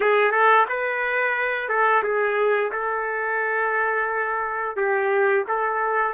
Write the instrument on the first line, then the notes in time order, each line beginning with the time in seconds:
trumpet
0.00 G#4
0.31 A4
0.68 B4
1.69 A4
2.03 G#4
2.72 A4
4.76 G4
5.48 A4